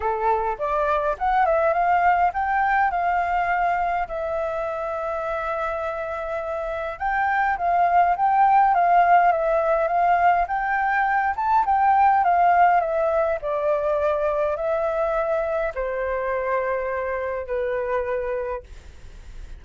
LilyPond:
\new Staff \with { instrumentName = "flute" } { \time 4/4 \tempo 4 = 103 a'4 d''4 fis''8 e''8 f''4 | g''4 f''2 e''4~ | e''1 | g''4 f''4 g''4 f''4 |
e''4 f''4 g''4. a''8 | g''4 f''4 e''4 d''4~ | d''4 e''2 c''4~ | c''2 b'2 | }